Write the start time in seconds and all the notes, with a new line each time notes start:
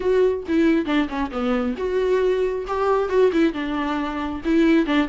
0.00 F#4
0.47 E4
0.85 D4
1.08 C#4
1.31 B3
1.77 F#4
2.67 G4
3.09 F#4
3.32 E4
3.53 D4
4.44 E4
4.85 D4